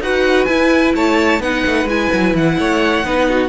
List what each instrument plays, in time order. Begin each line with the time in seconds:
0.00 cello D#4, viola F#4, violin B4 F#5
0.45 cello E4, viola E4, violin G#5
0.95 cello A3, violin C#5 A5
1.40 cello B3, viola D#4, violin B4 F#5
1.66 cello A3
1.84 cello G#3, viola E4, violin G#5
2.13 cello F#3
2.34 cello E3, violin F#5
2.58 cello A3, violin C#5
3.03 cello B3, viola D#4, violin B4
3.29 violin F#4